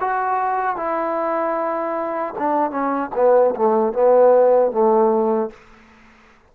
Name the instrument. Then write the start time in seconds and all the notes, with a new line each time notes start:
trombone
0.00 F#4
0.76 E4
2.38 D4
2.70 C#4
3.15 B3
3.56 A3
3.93 B3
4.71 A3